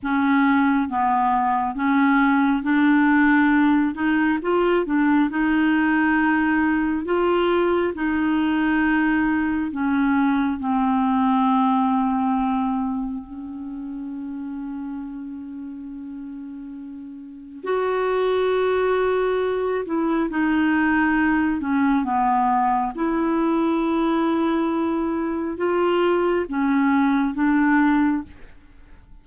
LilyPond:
\new Staff \with { instrumentName = "clarinet" } { \time 4/4 \tempo 4 = 68 cis'4 b4 cis'4 d'4~ | d'8 dis'8 f'8 d'8 dis'2 | f'4 dis'2 cis'4 | c'2. cis'4~ |
cis'1 | fis'2~ fis'8 e'8 dis'4~ | dis'8 cis'8 b4 e'2~ | e'4 f'4 cis'4 d'4 | }